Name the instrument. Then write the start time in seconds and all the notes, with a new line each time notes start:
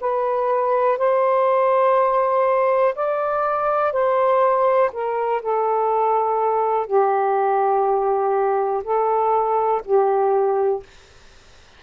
saxophone
0.00 B4
0.97 C5
2.95 D5
3.92 C5
4.92 A#4
5.42 A4
6.86 G4
8.83 A4
9.85 G4